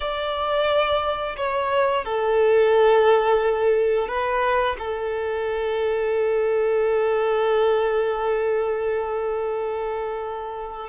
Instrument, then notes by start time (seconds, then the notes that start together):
violin
0.00 D5
1.36 C#5
2.05 A4
4.08 B4
4.78 A4